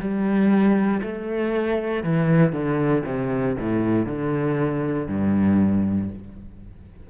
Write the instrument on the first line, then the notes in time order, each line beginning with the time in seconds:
cello
0.00 G3
1.03 A3
2.04 E3
2.53 D3
3.06 C3
3.59 A2
4.06 D3
5.08 G2